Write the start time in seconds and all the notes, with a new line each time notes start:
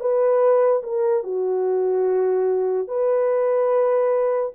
0.00 B4
0.83 A#4
1.23 F#4
2.88 B4